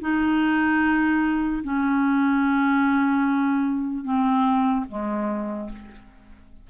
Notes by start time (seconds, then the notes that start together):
0.00 D#4
1.63 C#4
4.04 C4
4.88 G#3